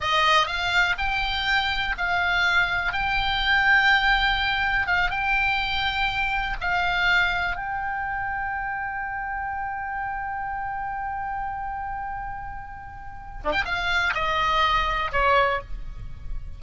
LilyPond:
\new Staff \with { instrumentName = "oboe" } { \time 4/4 \tempo 4 = 123 dis''4 f''4 g''2 | f''2 g''2~ | g''2 f''8 g''4.~ | g''4. f''2 g''8~ |
g''1~ | g''1~ | g''2.~ g''8 d'16 g''16 | f''4 dis''2 cis''4 | }